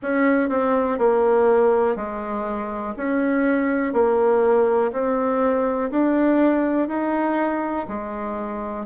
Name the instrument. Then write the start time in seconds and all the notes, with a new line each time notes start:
bassoon
0.02 C#4
0.49 C4
0.98 A#3
1.95 G#3
2.96 C#4
3.93 A#3
4.92 C4
5.90 D4
6.88 D#4
7.87 G#3